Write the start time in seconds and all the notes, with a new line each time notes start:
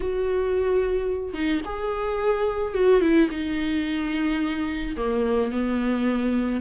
0.00 F#4
1.33 D#4
1.65 G#4
2.73 F#4
3.01 E4
3.30 D#4
4.97 A#3
5.51 B3